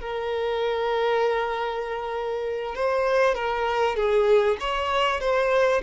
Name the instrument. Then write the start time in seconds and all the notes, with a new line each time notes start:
violin
0.00 A#4
2.75 C5
3.35 A#4
3.95 G#4
4.60 C#5
5.20 C5